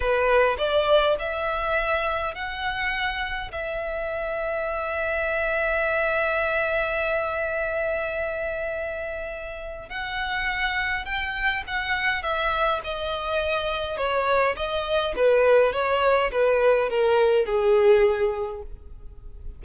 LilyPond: \new Staff \with { instrumentName = "violin" } { \time 4/4 \tempo 4 = 103 b'4 d''4 e''2 | fis''2 e''2~ | e''1~ | e''1~ |
e''4 fis''2 g''4 | fis''4 e''4 dis''2 | cis''4 dis''4 b'4 cis''4 | b'4 ais'4 gis'2 | }